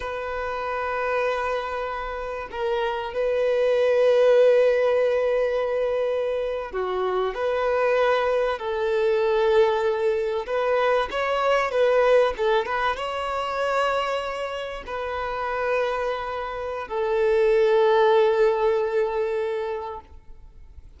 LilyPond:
\new Staff \with { instrumentName = "violin" } { \time 4/4 \tempo 4 = 96 b'1 | ais'4 b'2.~ | b'2~ b'8. fis'4 b'16~ | b'4.~ b'16 a'2~ a'16~ |
a'8. b'4 cis''4 b'4 a'16~ | a'16 b'8 cis''2. b'16~ | b'2. a'4~ | a'1 | }